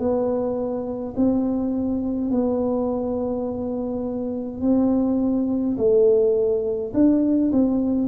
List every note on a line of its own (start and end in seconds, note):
0.00 1.15 B3
1.17 2.31 C4
2.31 4.62 B3
4.62 5.77 C4
5.78 6.93 A3
6.94 7.52 D4
7.53 8.09 C4